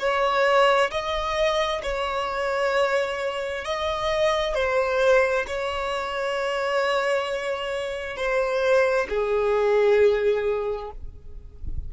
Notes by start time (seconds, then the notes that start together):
0.00 C#5
0.91 D#5
1.83 C#5
3.65 D#5
4.55 C5
5.48 C#5
8.17 C5
9.09 G#4